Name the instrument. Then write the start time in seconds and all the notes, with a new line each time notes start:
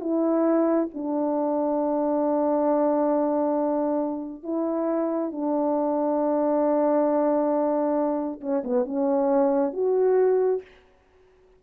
horn
0.00 E4
0.93 D4
4.43 E4
5.31 D4
8.40 C#4
8.64 B3
8.85 C#4
9.73 F#4